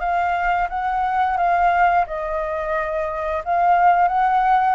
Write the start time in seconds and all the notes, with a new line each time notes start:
0.00 F5
0.69 F#5
1.37 F5
2.07 D#5
3.45 F5
4.08 F#5